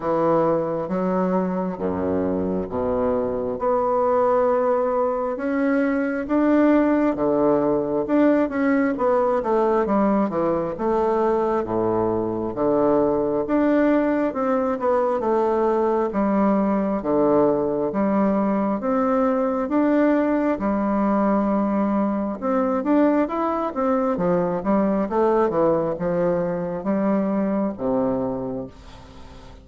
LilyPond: \new Staff \with { instrumentName = "bassoon" } { \time 4/4 \tempo 4 = 67 e4 fis4 fis,4 b,4 | b2 cis'4 d'4 | d4 d'8 cis'8 b8 a8 g8 e8 | a4 a,4 d4 d'4 |
c'8 b8 a4 g4 d4 | g4 c'4 d'4 g4~ | g4 c'8 d'8 e'8 c'8 f8 g8 | a8 e8 f4 g4 c4 | }